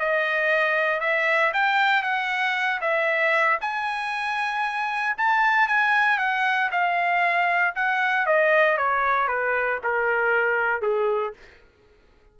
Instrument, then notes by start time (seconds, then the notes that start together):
trumpet
0.00 D#5
1.01 E5
1.54 G5
2.03 F#5
2.81 E5
3.61 G#5
5.18 A5
5.68 G#5
6.19 F#5
6.72 F5
7.76 F#5
8.27 D#5
8.78 C#5
9.28 B4
9.84 A#4
10.82 G#4